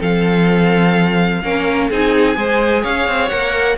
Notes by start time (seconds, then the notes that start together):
0.00 F3 C4 A4 F5
1.43 A#3 C#4 A#4
1.90 C4 D#4 G#4 G#5
2.35 G#3 G#4 C5
2.83 C#4 C#5 F5
3.08 C4
3.29 A#3 A#4 F#5